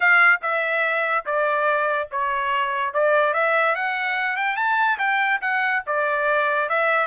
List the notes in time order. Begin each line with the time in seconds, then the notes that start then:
0.00 F5
0.41 E5
1.25 D5
2.11 C#5
2.93 D5
3.33 E5
3.75 F#5
4.36 G5
4.56 A5
4.98 G5
5.41 F#5
5.86 D5
6.69 E5